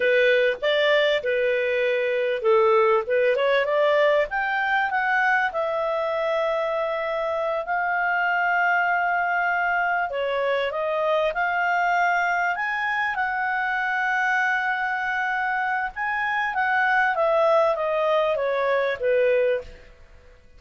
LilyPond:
\new Staff \with { instrumentName = "clarinet" } { \time 4/4 \tempo 4 = 98 b'4 d''4 b'2 | a'4 b'8 cis''8 d''4 g''4 | fis''4 e''2.~ | e''8 f''2.~ f''8~ |
f''8 cis''4 dis''4 f''4.~ | f''8 gis''4 fis''2~ fis''8~ | fis''2 gis''4 fis''4 | e''4 dis''4 cis''4 b'4 | }